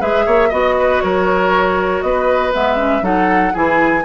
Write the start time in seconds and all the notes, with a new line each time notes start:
0.00 G#3 G#4 B4 E5
0.26 A#3 C#5
0.49 B3 F#4 D#5
0.79 B4
1.01 F#3 A#4 C#5
2.02 B3 B4 D#5
2.53 G#3 B3 E5
2.77 C#4
3.02 F#3 D#4 A4 F#5
3.53 E3 E4 G#4 G#5